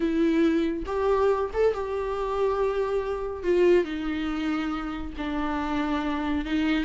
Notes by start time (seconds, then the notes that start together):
0.00 E4
0.86 G4
1.53 A4
1.74 G4
3.43 F4
3.84 D#4
5.17 D4
6.45 D#4